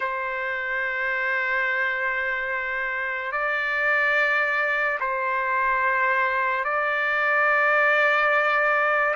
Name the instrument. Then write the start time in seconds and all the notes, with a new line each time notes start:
trumpet
0.00 C5
3.32 D5
5.00 C5
6.64 D5